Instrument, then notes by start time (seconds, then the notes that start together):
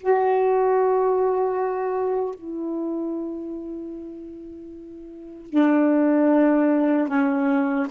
saxophone
0.00 F#4
2.35 E4
5.50 D4
7.08 C#4